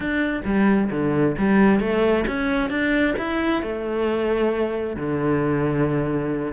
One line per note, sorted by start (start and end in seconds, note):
0.00 0.41 D4
0.44 0.90 G3
0.90 1.35 D3
1.38 1.79 G3
1.79 2.25 A3
2.27 2.69 C#4
2.69 3.15 D4
3.18 3.62 E4
3.62 4.96 A3
4.96 6.52 D3